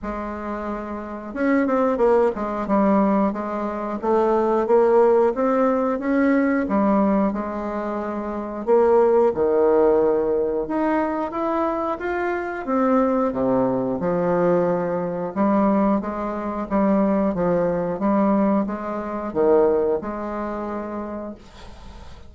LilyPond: \new Staff \with { instrumentName = "bassoon" } { \time 4/4 \tempo 4 = 90 gis2 cis'8 c'8 ais8 gis8 | g4 gis4 a4 ais4 | c'4 cis'4 g4 gis4~ | gis4 ais4 dis2 |
dis'4 e'4 f'4 c'4 | c4 f2 g4 | gis4 g4 f4 g4 | gis4 dis4 gis2 | }